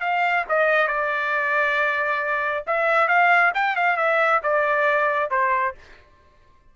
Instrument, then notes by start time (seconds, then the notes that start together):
trumpet
0.00 F5
0.48 D#5
0.87 D5
2.67 E5
3.07 F5
3.54 G5
3.76 F5
3.96 E5
4.43 D5
5.30 C5